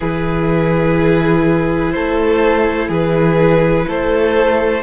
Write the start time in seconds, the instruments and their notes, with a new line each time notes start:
0.00 cello E3, viola E4, violin G#4 B4
1.91 cello A3, violin A4 C5
2.89 cello E3, violin G#4 B4
3.87 cello A3, violin A4 C5